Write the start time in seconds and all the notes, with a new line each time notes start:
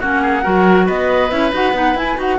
0.00 A#3 C#4 F#4 F#5
0.22 G#4
0.42 F#3 F#4 A#4
0.86 B3 B4 D#5
1.30 C#4 E4 E5
1.52 D#4 F#4 F#5
1.73 B3 D#4
1.94 E4 G#5
2.16 D#4 F#4 F#5